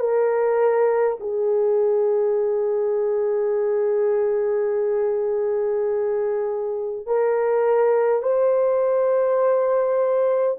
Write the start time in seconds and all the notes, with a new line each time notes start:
0.00 A#4
1.20 G#4
7.07 A#4
8.23 C5